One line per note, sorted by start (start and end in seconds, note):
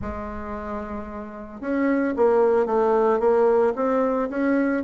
0.01 1.60 G#3
1.60 2.14 C#4
2.16 2.66 A#3
2.66 3.19 A3
3.19 3.73 A#3
3.75 4.29 C4
4.29 4.83 C#4